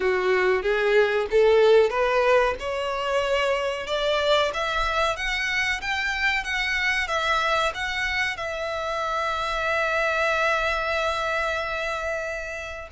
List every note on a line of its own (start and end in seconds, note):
0.00 0.62 F#4
0.62 1.26 G#4
1.30 1.90 A4
1.90 2.54 B4
2.59 3.87 C#5
3.87 4.51 D5
4.53 5.16 E5
5.16 5.81 F#5
5.81 6.43 G5
6.43 7.07 F#5
7.07 7.72 E5
7.74 8.36 F#5
8.36 12.88 E5